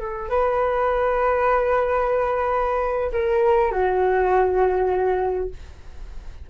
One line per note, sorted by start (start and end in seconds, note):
0.00 0.29 A4
0.29 3.12 B4
3.12 3.72 A#4
3.72 5.50 F#4